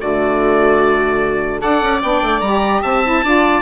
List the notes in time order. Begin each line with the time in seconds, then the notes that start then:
0.00 D3 A3 F#4 D5
1.59 D4 A4 D5 F#5
1.82 C#4
2.02 B3 D4 G5
2.22 A3
2.40 G3 G4 A#5
2.82 C4 E5 A5
3.03 E4
3.23 D4 F4 D5